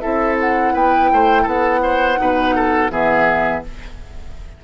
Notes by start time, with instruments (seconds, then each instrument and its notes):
0.00 bassoon C4, clarinet E4, oboe A4, flute E5
0.40 flute F#5
0.73 bassoon B3, oboe B4, flute G5
1.11 bassoon A3, oboe C5
1.42 bassoon B3, oboe A4, flute F#5
1.83 oboe C5
2.16 bassoon B2, clarinet D#4, oboe B4
2.55 oboe A4
2.91 bassoon E3, clarinet B3, oboe G#4, flute E5